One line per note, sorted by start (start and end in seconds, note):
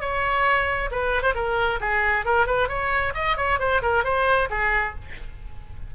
0.00 0.90 C#5
0.91 1.22 B4
1.22 1.33 C5
1.35 1.80 A#4
1.80 2.25 G#4
2.25 2.46 A#4
2.46 2.68 B4
2.68 3.13 C#5
3.14 3.36 D#5
3.37 3.59 C#5
3.59 3.81 C5
3.82 4.04 A#4
4.04 4.48 C5
4.50 4.94 G#4